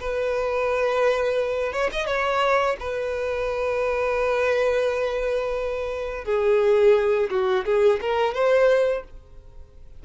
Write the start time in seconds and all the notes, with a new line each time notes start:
0.00 B4
1.73 C#5
1.92 D#5
2.06 C#5
2.79 B4
6.25 G#4
7.30 F#4
7.65 G#4
8.01 A#4
8.34 C5